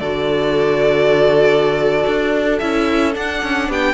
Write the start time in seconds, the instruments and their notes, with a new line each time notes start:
0.00 cello D3, viola F#4, violin A4 D5
2.07 cello D4
2.59 cello C#4, viola E4, violin E5
3.13 viola D4, cello D4, violin F#5
3.43 cello C#4
3.68 cello B3, violin G4 G5